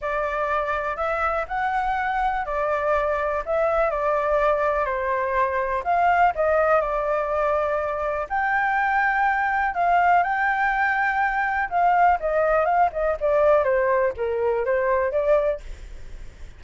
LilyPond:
\new Staff \with { instrumentName = "flute" } { \time 4/4 \tempo 4 = 123 d''2 e''4 fis''4~ | fis''4 d''2 e''4 | d''2 c''2 | f''4 dis''4 d''2~ |
d''4 g''2. | f''4 g''2. | f''4 dis''4 f''8 dis''8 d''4 | c''4 ais'4 c''4 d''4 | }